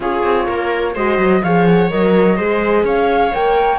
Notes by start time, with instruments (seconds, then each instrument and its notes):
0.00 cello C#4, horn F4, viola G#4, flute C#5
0.23 cello C4
0.46 cello A#3, viola A#4
0.94 cello G#3, horn F#4, viola C5, flute D#5
1.18 cello F#3
1.43 cello F3, horn G#4, viola C#5, flute F5
1.65 flute F#5
1.89 cello F#3, horn A#4, flute D#5
2.36 cello G#3, horn G#4, viola C5
2.83 cello C#4, viola C#5, flute F5
3.33 cello A#3, horn A#4, flute G5